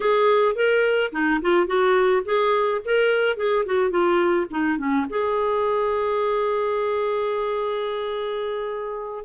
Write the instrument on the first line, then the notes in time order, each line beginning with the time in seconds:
clarinet
0.00 G#4
0.55 A#4
1.12 D#4
1.41 F4
1.66 F#4
2.25 G#4
2.84 A#4
3.36 G#4
3.65 F#4
3.90 F4
4.50 D#4
4.78 C#4
5.09 G#4